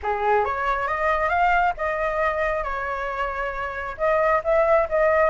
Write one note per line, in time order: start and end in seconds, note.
0.02 0.44 G#4
0.44 0.87 C#5
0.87 1.29 D#5
1.29 1.73 F5
1.77 2.63 D#5
2.63 3.96 C#5
3.97 4.41 D#5
4.44 4.88 E5
4.89 5.30 D#5